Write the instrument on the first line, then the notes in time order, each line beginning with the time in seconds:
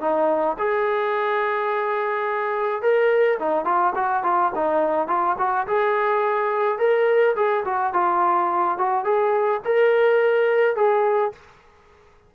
trombone
0.00 D#4
0.58 G#4
2.81 A#4
3.39 D#4
3.65 F4
3.95 F#4
4.23 F4
4.55 D#4
5.07 F4
5.38 F#4
5.67 G#4
6.78 A#4
7.35 G#4
7.64 F#4
7.93 F4
8.78 F#4
9.04 G#4
9.65 A#4
10.75 G#4